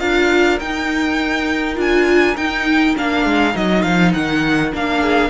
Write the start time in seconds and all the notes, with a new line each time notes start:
0.00 D4 F4 A#4 F5
0.60 D#4 G5
1.76 D4 F4 G#5
2.37 D#4 G5
2.96 A#3 D4 F5
3.26 G#3
3.53 F#3 D#4 D#5
3.82 F3 F5
4.14 D#3 F#5
4.73 A#3 D4 F5
5.00 G#4